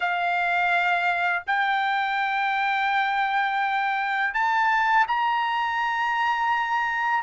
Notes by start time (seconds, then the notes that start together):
0.00 F5
1.46 G5
4.33 A5
5.07 A#5